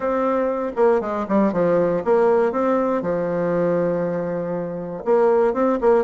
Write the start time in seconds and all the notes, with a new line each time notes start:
0.00 C4
0.76 A#3
1.00 G#3
1.28 G3
1.52 F3
2.04 A#3
2.52 C4
3.01 F3
5.04 A#3
5.53 C4
5.81 A#3